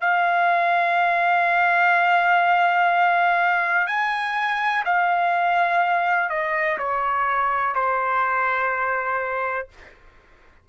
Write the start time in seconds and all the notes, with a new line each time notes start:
0.00 F5
3.87 G#5
4.84 F5
6.29 D#5
6.78 C#5
7.75 C5